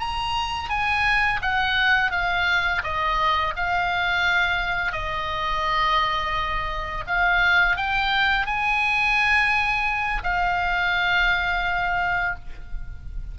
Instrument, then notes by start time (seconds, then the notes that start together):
oboe
0.00 A#5
0.70 G#5
1.42 F#5
2.12 F5
2.84 D#5
3.56 F5
4.93 D#5
7.07 F5
7.77 G5
8.46 G#5
10.24 F5